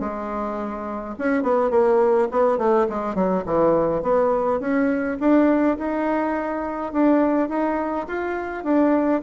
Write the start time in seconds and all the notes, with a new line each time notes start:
0.00 G#3
1.18 C#4
1.43 B3
1.70 A#3
2.31 B3
2.58 A3
2.90 G#3
3.15 F#3
3.46 E3
4.03 B3
4.60 C#4
5.20 D4
5.78 D#4
6.93 D4
7.49 D#4
8.08 F4
8.64 D4